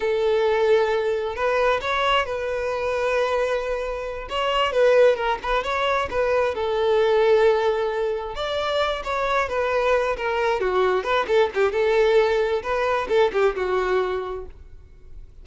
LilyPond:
\new Staff \with { instrumentName = "violin" } { \time 4/4 \tempo 4 = 133 a'2. b'4 | cis''4 b'2.~ | b'4. cis''4 b'4 ais'8 | b'8 cis''4 b'4 a'4.~ |
a'2~ a'8 d''4. | cis''4 b'4. ais'4 fis'8~ | fis'8 b'8 a'8 g'8 a'2 | b'4 a'8 g'8 fis'2 | }